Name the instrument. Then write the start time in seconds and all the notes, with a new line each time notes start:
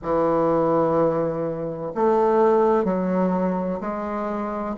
bassoon
0.02 E3
1.94 A3
2.84 F#3
3.80 G#3